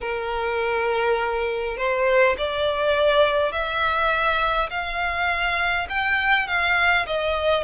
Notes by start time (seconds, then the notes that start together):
0.00 A#4
1.76 C5
2.37 D5
3.51 E5
4.70 F5
5.89 G5
6.47 F5
7.06 D#5